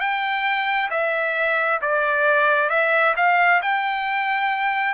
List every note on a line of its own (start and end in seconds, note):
0.00 0.90 G5
0.91 1.80 E5
1.82 2.70 D5
2.70 3.15 E5
3.17 3.61 F5
3.63 4.95 G5